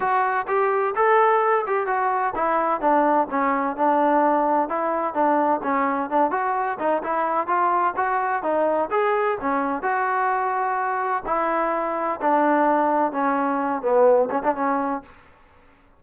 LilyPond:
\new Staff \with { instrumentName = "trombone" } { \time 4/4 \tempo 4 = 128 fis'4 g'4 a'4. g'8 | fis'4 e'4 d'4 cis'4 | d'2 e'4 d'4 | cis'4 d'8 fis'4 dis'8 e'4 |
f'4 fis'4 dis'4 gis'4 | cis'4 fis'2. | e'2 d'2 | cis'4. b4 cis'16 d'16 cis'4 | }